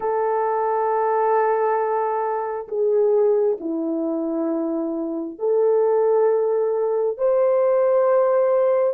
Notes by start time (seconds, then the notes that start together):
0.00 A4
2.67 G#4
3.60 E4
5.38 A4
7.17 C5